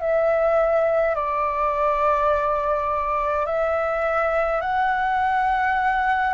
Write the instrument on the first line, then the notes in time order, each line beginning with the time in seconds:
flute
0.00 E5
1.15 D5
3.46 E5
4.60 F#5